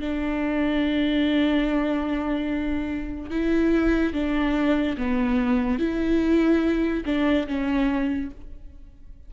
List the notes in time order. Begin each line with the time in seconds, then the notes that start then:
0.00 D4
3.30 E4
4.13 D4
4.97 B3
5.79 E4
7.05 D4
7.47 C#4